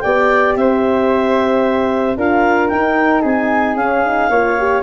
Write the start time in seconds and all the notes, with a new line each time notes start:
0.00 B3 G4 D5 G5
0.56 C4 C5 E5
2.17 D4 F4 A#4 F5
2.68 D#4 G5
3.22 C4 G#4 G#5
3.75 C#4 F5
4.04 D#4
4.29 A#3 F4 C#5
4.58 G4